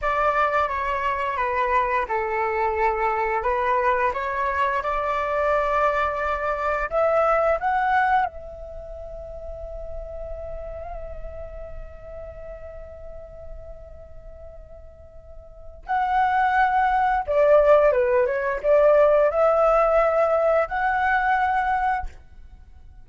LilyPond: \new Staff \with { instrumentName = "flute" } { \time 4/4 \tempo 4 = 87 d''4 cis''4 b'4 a'4~ | a'4 b'4 cis''4 d''4~ | d''2 e''4 fis''4 | e''1~ |
e''1~ | e''2. fis''4~ | fis''4 d''4 b'8 cis''8 d''4 | e''2 fis''2 | }